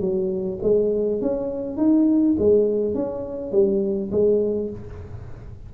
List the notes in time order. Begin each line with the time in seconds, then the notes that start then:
0.00 F#3
0.63 G#3
1.21 C#4
1.77 D#4
2.38 G#3
2.95 C#4
3.52 G3
4.11 G#3